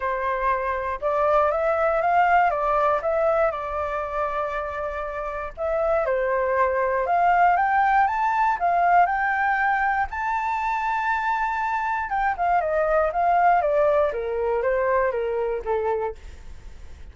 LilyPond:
\new Staff \with { instrumentName = "flute" } { \time 4/4 \tempo 4 = 119 c''2 d''4 e''4 | f''4 d''4 e''4 d''4~ | d''2. e''4 | c''2 f''4 g''4 |
a''4 f''4 g''2 | a''1 | g''8 f''8 dis''4 f''4 d''4 | ais'4 c''4 ais'4 a'4 | }